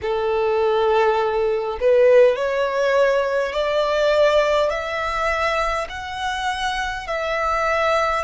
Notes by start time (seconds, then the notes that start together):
0.02 A4
1.80 B4
2.35 C#5
3.52 D5
4.70 E5
5.89 F#5
7.06 E5